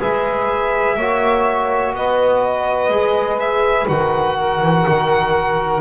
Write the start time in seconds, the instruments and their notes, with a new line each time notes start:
0.00 double bass G#3, trombone G#4, saxophone B4, violin E5
0.96 double bass A#3, trombone F#4, saxophone C#5
1.93 double bass B3, saxophone B4, violin D#5
2.90 double bass G#3, trombone G#4
3.40 violin E5
3.88 double bass D#3, trombone F#4, violin F#5
4.39 saxophone A#4
4.61 double bass E3
4.88 double bass D#3